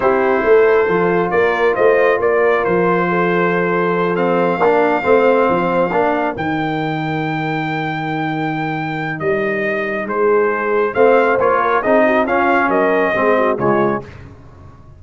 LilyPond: <<
  \new Staff \with { instrumentName = "trumpet" } { \time 4/4 \tempo 4 = 137 c''2. d''4 | dis''4 d''4 c''2~ | c''4. f''2~ f''8~ | f''2~ f''8 g''4.~ |
g''1~ | g''4 dis''2 c''4~ | c''4 f''4 cis''4 dis''4 | f''4 dis''2 cis''4 | }
  \new Staff \with { instrumentName = "horn" } { \time 4/4 g'4 a'2 ais'4 | c''4 ais'2 a'4~ | a'2~ a'8 ais'4 c''8~ | c''4. ais'2~ ais'8~ |
ais'1~ | ais'2. gis'4~ | gis'4 c''4. ais'8 gis'8 fis'8 | f'4 ais'4 gis'8 fis'8 f'4 | }
  \new Staff \with { instrumentName = "trombone" } { \time 4/4 e'2 f'2~ | f'1~ | f'4. c'4 d'4 c'8~ | c'4. d'4 dis'4.~ |
dis'1~ | dis'1~ | dis'4 c'4 f'4 dis'4 | cis'2 c'4 gis4 | }
  \new Staff \with { instrumentName = "tuba" } { \time 4/4 c'4 a4 f4 ais4 | a4 ais4 f2~ | f2~ f8 ais4 a8~ | a8 f4 ais4 dis4.~ |
dis1~ | dis4 g2 gis4~ | gis4 a4 ais4 c'4 | cis'4 fis4 gis4 cis4 | }
>>